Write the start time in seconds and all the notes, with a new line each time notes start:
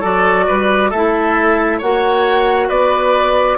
0.00 F#3 F#4 A4 D5
0.47 G3 B4
0.90 A3 E4 A4 E5
1.78 A#3 F#4 C#5 F#5
2.68 B3 B4 D5